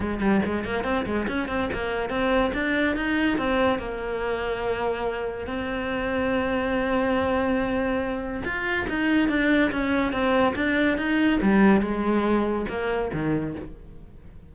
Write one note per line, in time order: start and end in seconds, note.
0.00 0.20 G#3
0.20 0.41 G3
0.45 0.65 G#3
0.65 0.84 A#3
0.84 1.05 C4
1.05 1.26 G#3
1.28 1.48 C#4
1.48 1.69 C4
1.72 2.09 A#3
2.09 2.51 C4
2.53 2.96 D4
2.96 3.37 D#4
3.37 3.78 C4
3.78 5.47 A#3
5.47 8.42 C4
8.44 8.86 F4
8.89 9.28 D#4
9.28 9.71 D4
9.71 10.12 C#4
10.12 10.54 C4
10.55 10.97 D4
10.97 11.39 D#4
11.42 11.81 G3
11.81 12.65 G#3
12.69 13.11 A#3
13.13 13.55 D#3